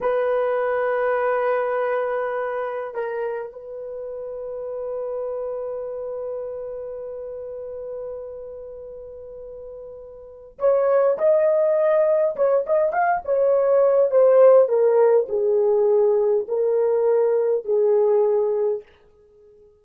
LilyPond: \new Staff \with { instrumentName = "horn" } { \time 4/4 \tempo 4 = 102 b'1~ | b'4 ais'4 b'2~ | b'1~ | b'1~ |
b'2 cis''4 dis''4~ | dis''4 cis''8 dis''8 f''8 cis''4. | c''4 ais'4 gis'2 | ais'2 gis'2 | }